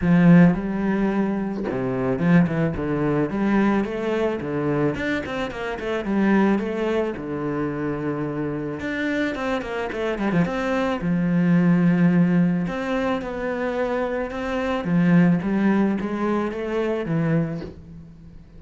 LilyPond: \new Staff \with { instrumentName = "cello" } { \time 4/4 \tempo 4 = 109 f4 g2 c4 | f8 e8 d4 g4 a4 | d4 d'8 c'8 ais8 a8 g4 | a4 d2. |
d'4 c'8 ais8 a8 g16 f16 c'4 | f2. c'4 | b2 c'4 f4 | g4 gis4 a4 e4 | }